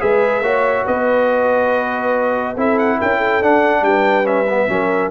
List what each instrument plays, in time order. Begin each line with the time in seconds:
0.00 tuba G#3, trombone G#4, horn B4, trumpet E5
0.41 tuba A#3, trombone F#4, horn C#5
0.85 tuba B3, horn B4, trumpet D#5
2.56 tuba C4, trombone E4, horn A4, trumpet E5
2.79 trumpet F#5
2.99 tuba C#4, horn A#4, trumpet G5
3.18 horn A4
3.43 trombone D4, tuba D4, trumpet F#5
3.82 tuba G3, horn B4, trumpet G5
4.24 trombone C#4, trumpet E5
4.49 trombone B3
4.69 tuba F#3, trombone C#4, horn A#4